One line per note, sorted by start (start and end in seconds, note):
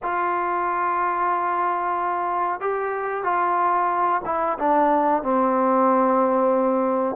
0.02 2.60 F4
2.60 3.23 G4
3.23 4.21 F4
4.25 4.58 E4
4.58 5.22 D4
5.22 7.16 C4